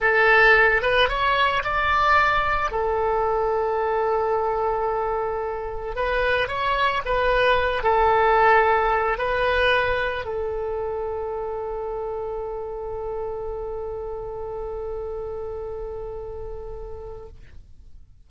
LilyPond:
\new Staff \with { instrumentName = "oboe" } { \time 4/4 \tempo 4 = 111 a'4. b'8 cis''4 d''4~ | d''4 a'2.~ | a'2. b'4 | cis''4 b'4. a'4.~ |
a'4 b'2 a'4~ | a'1~ | a'1~ | a'1 | }